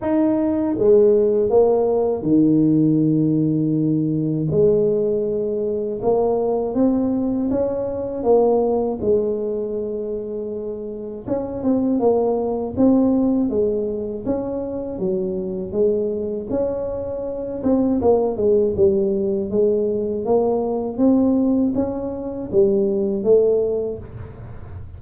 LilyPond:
\new Staff \with { instrumentName = "tuba" } { \time 4/4 \tempo 4 = 80 dis'4 gis4 ais4 dis4~ | dis2 gis2 | ais4 c'4 cis'4 ais4 | gis2. cis'8 c'8 |
ais4 c'4 gis4 cis'4 | fis4 gis4 cis'4. c'8 | ais8 gis8 g4 gis4 ais4 | c'4 cis'4 g4 a4 | }